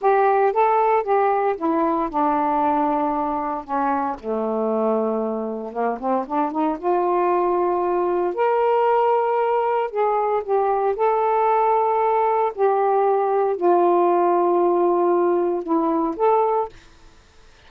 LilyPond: \new Staff \with { instrumentName = "saxophone" } { \time 4/4 \tempo 4 = 115 g'4 a'4 g'4 e'4 | d'2. cis'4 | a2. ais8 c'8 | d'8 dis'8 f'2. |
ais'2. gis'4 | g'4 a'2. | g'2 f'2~ | f'2 e'4 a'4 | }